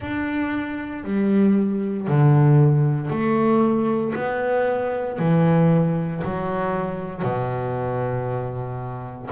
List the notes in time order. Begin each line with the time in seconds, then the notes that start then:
0.00 D4
1.03 G3
2.07 D3
3.10 A3
4.15 B3
5.19 E3
6.24 F#3
7.22 B2